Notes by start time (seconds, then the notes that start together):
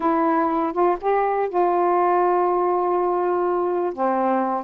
0.00 E4
0.72 F4
1.00 G4
1.49 F4
3.93 C4